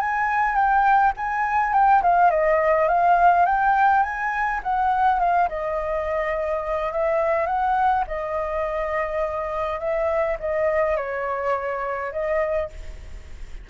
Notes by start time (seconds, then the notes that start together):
0.00 G#5
0.55 G5
1.16 G#5
1.73 G5
2.02 F5
2.31 D#5
2.88 F5
3.45 G5
4.03 G#5
4.63 F#5
5.19 F5
5.49 D#5
6.92 E5
7.46 F#5
8.07 D#5
9.79 E5
10.39 D#5
10.96 C#5
12.12 D#5